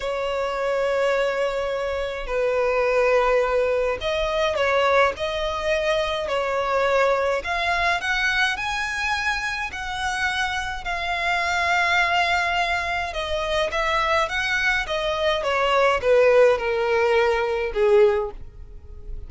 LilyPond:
\new Staff \with { instrumentName = "violin" } { \time 4/4 \tempo 4 = 105 cis''1 | b'2. dis''4 | cis''4 dis''2 cis''4~ | cis''4 f''4 fis''4 gis''4~ |
gis''4 fis''2 f''4~ | f''2. dis''4 | e''4 fis''4 dis''4 cis''4 | b'4 ais'2 gis'4 | }